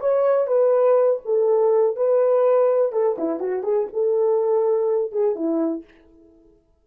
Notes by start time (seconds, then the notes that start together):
0.00 C#5
0.47 B4
1.25 A4
1.96 B4
2.92 A4
3.18 E4
3.40 F#4
3.63 G#4
3.93 A4
5.12 G#4
5.35 E4